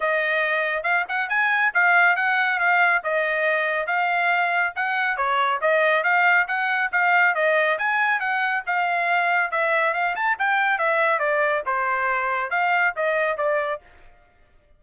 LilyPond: \new Staff \with { instrumentName = "trumpet" } { \time 4/4 \tempo 4 = 139 dis''2 f''8 fis''8 gis''4 | f''4 fis''4 f''4 dis''4~ | dis''4 f''2 fis''4 | cis''4 dis''4 f''4 fis''4 |
f''4 dis''4 gis''4 fis''4 | f''2 e''4 f''8 a''8 | g''4 e''4 d''4 c''4~ | c''4 f''4 dis''4 d''4 | }